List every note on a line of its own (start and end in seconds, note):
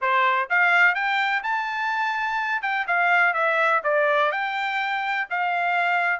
0.01 0.49 C5
0.49 0.94 F5
0.94 1.42 G5
1.43 2.62 A5
2.62 2.86 G5
2.87 3.33 F5
3.33 3.81 E5
3.83 4.31 D5
4.31 5.27 G5
5.30 6.20 F5